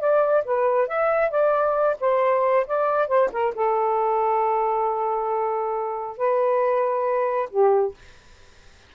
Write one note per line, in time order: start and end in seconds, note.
0.00 0.44 D5
0.45 0.88 B4
0.88 1.31 E5
1.31 1.97 D5
2.01 2.67 C5
2.67 3.08 D5
3.08 3.30 C5
3.33 3.55 A#4
3.56 6.18 A4
6.18 7.50 B4
7.51 7.95 G4